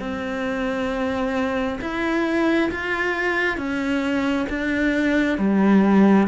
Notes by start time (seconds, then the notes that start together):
0.00 C4
1.81 E4
2.72 F4
3.57 C#4
4.49 D4
5.38 G3